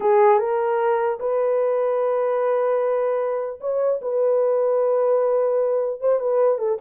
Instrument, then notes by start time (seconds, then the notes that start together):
horn
0.00 G#4
0.38 A#4
1.19 B4
3.60 C#5
4.01 B4
6.00 C5
6.19 B4
6.58 A4